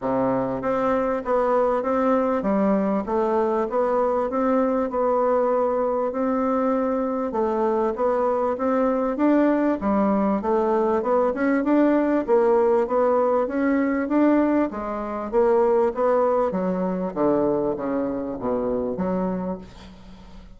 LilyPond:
\new Staff \with { instrumentName = "bassoon" } { \time 4/4 \tempo 4 = 98 c4 c'4 b4 c'4 | g4 a4 b4 c'4 | b2 c'2 | a4 b4 c'4 d'4 |
g4 a4 b8 cis'8 d'4 | ais4 b4 cis'4 d'4 | gis4 ais4 b4 fis4 | d4 cis4 b,4 fis4 | }